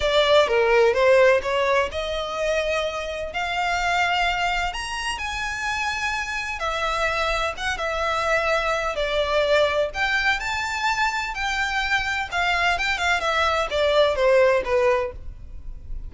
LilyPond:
\new Staff \with { instrumentName = "violin" } { \time 4/4 \tempo 4 = 127 d''4 ais'4 c''4 cis''4 | dis''2. f''4~ | f''2 ais''4 gis''4~ | gis''2 e''2 |
fis''8 e''2~ e''8 d''4~ | d''4 g''4 a''2 | g''2 f''4 g''8 f''8 | e''4 d''4 c''4 b'4 | }